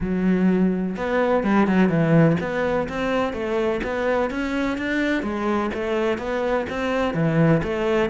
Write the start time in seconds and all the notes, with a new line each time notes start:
0.00 F#3
0.96 B3
1.43 G3
1.67 F#3
1.89 E3
2.40 B3
2.88 C4
3.33 A3
3.83 B3
4.30 C#4
4.77 D4
5.22 G#3
5.74 A3
6.18 B3
6.69 C4
7.14 E3
7.63 A3